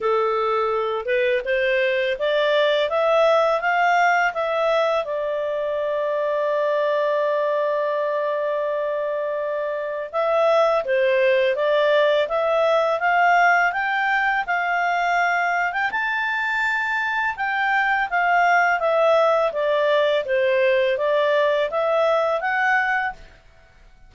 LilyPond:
\new Staff \with { instrumentName = "clarinet" } { \time 4/4 \tempo 4 = 83 a'4. b'8 c''4 d''4 | e''4 f''4 e''4 d''4~ | d''1~ | d''2 e''4 c''4 |
d''4 e''4 f''4 g''4 | f''4.~ f''16 g''16 a''2 | g''4 f''4 e''4 d''4 | c''4 d''4 e''4 fis''4 | }